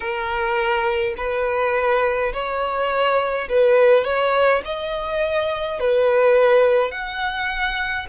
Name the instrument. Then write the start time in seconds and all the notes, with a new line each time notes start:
violin
0.00 A#4
1.17 B4
2.33 C#5
3.48 B4
4.04 C#5
4.65 D#5
5.80 B4
6.91 F#5